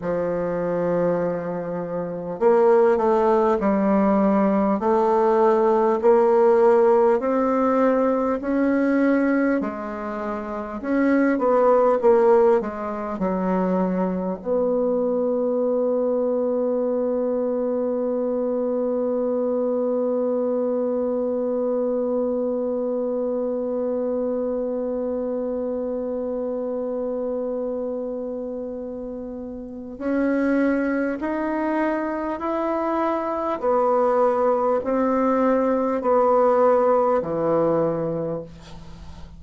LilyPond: \new Staff \with { instrumentName = "bassoon" } { \time 4/4 \tempo 4 = 50 f2 ais8 a8 g4 | a4 ais4 c'4 cis'4 | gis4 cis'8 b8 ais8 gis8 fis4 | b1~ |
b1~ | b1~ | b4 cis'4 dis'4 e'4 | b4 c'4 b4 e4 | }